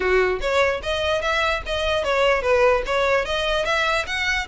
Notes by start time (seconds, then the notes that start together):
0.00 F#4
0.40 C#5
0.82 D#5
1.21 E5
1.66 D#5
2.03 C#5
2.42 B4
2.85 C#5
3.25 D#5
3.65 E5
4.06 F#5